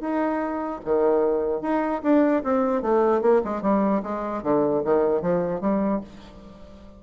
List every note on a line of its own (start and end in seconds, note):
0.00 0.80 D#4
0.85 1.61 D#3
1.61 2.01 D#4
2.03 2.43 D4
2.43 2.82 C4
2.82 3.21 A3
3.21 3.41 A#3
3.44 3.61 G#3
3.61 4.01 G3
4.03 4.43 G#3
4.43 4.83 D3
4.84 5.21 D#3
5.21 5.60 F3
5.60 6.00 G3